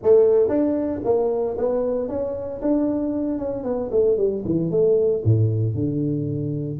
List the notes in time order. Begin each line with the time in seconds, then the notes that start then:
0.02 A3
0.48 D4
1.04 A#3
1.57 B3
2.08 C#4
2.61 D4
3.38 C#4
3.63 B3
3.91 A3
4.17 G3
4.45 E3
4.71 A3
5.24 A2
5.74 D3